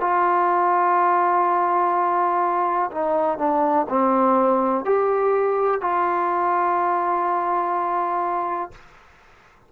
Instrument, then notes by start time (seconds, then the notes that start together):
trombone
0.00 F4
2.91 D#4
3.38 D4
3.89 C4
4.85 G4
5.81 F4